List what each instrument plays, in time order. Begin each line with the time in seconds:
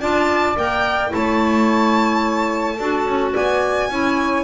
0.00 double bass D4, clarinet F4, saxophone D5, violin A5
0.56 double bass A#3, clarinet A#4, violin G5
1.09 double bass A3, clarinet E4, saxophone C#5, violin A5
2.75 double bass D4, clarinet F#4, saxophone A4
3.06 double bass C#4
3.33 double bass B3, saxophone D5, violin G#5
3.89 double bass C#4, clarinet E4, saxophone C#5